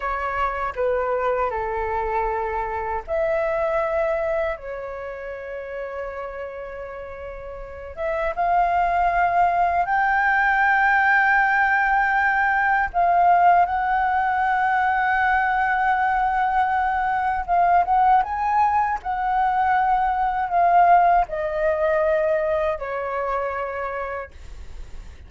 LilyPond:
\new Staff \with { instrumentName = "flute" } { \time 4/4 \tempo 4 = 79 cis''4 b'4 a'2 | e''2 cis''2~ | cis''2~ cis''8 e''8 f''4~ | f''4 g''2.~ |
g''4 f''4 fis''2~ | fis''2. f''8 fis''8 | gis''4 fis''2 f''4 | dis''2 cis''2 | }